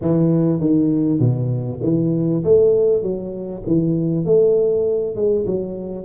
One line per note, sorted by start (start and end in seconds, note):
0.01 0.60 E3
0.60 1.19 D#3
1.19 1.80 B2
1.82 2.43 E3
2.44 3.02 A3
3.02 3.63 F#3
3.66 4.25 E3
4.25 5.15 A3
5.15 5.45 G#3
5.46 6.05 F#3